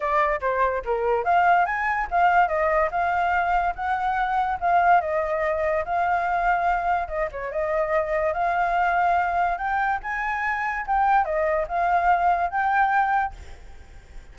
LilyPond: \new Staff \with { instrumentName = "flute" } { \time 4/4 \tempo 4 = 144 d''4 c''4 ais'4 f''4 | gis''4 f''4 dis''4 f''4~ | f''4 fis''2 f''4 | dis''2 f''2~ |
f''4 dis''8 cis''8 dis''2 | f''2. g''4 | gis''2 g''4 dis''4 | f''2 g''2 | }